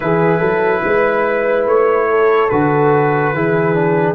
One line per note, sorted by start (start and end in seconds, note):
0.00 0.40 E3
0.00 2.49 E4
0.00 0.39 G#4
0.00 1.65 B4
0.39 0.82 F#3
0.39 0.80 A4
0.84 1.66 G#3
0.84 2.10 B4
1.66 2.49 A3
1.66 2.49 C#5
2.10 3.34 A4
2.49 3.33 D3
2.49 3.34 F#4
2.49 4.14 B4
3.33 4.14 E3
3.33 3.74 E4
3.33 4.14 G#4
3.74 4.14 D4